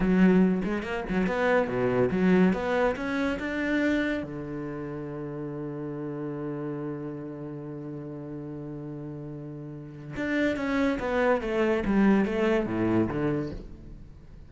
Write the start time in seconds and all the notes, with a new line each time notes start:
0.00 F#3
0.64 G#3
0.83 A#3
1.09 F#3
1.26 B3
1.67 B2
2.10 F#3
2.53 B3
2.96 C#4
3.39 D4
4.23 D3
10.16 D4
10.56 C#4
10.99 B3
11.41 A3
11.85 G3
12.25 A3
12.65 A2
13.08 D3